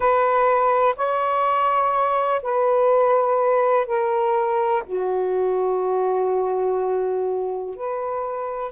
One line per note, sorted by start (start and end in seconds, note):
0.00 0.95 B4
0.96 2.41 C#5
2.42 3.86 B4
3.86 4.83 A#4
4.86 7.76 F#4
7.76 8.71 B4